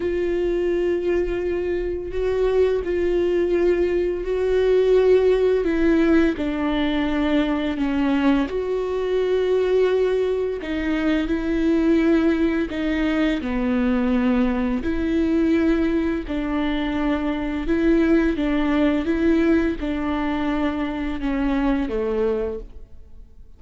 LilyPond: \new Staff \with { instrumentName = "viola" } { \time 4/4 \tempo 4 = 85 f'2. fis'4 | f'2 fis'2 | e'4 d'2 cis'4 | fis'2. dis'4 |
e'2 dis'4 b4~ | b4 e'2 d'4~ | d'4 e'4 d'4 e'4 | d'2 cis'4 a4 | }